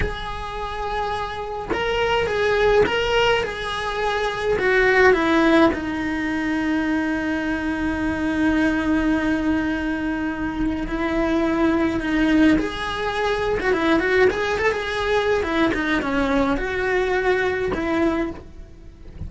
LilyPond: \new Staff \with { instrumentName = "cello" } { \time 4/4 \tempo 4 = 105 gis'2. ais'4 | gis'4 ais'4 gis'2 | fis'4 e'4 dis'2~ | dis'1~ |
dis'2. e'4~ | e'4 dis'4 gis'4.~ gis'16 fis'16 | e'8 fis'8 gis'8 a'16 gis'4~ gis'16 e'8 dis'8 | cis'4 fis'2 e'4 | }